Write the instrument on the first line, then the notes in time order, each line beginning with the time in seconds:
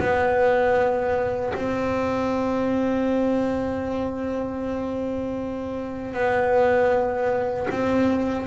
double bass
0.00 B3
1.55 C4
6.14 B3
7.71 C4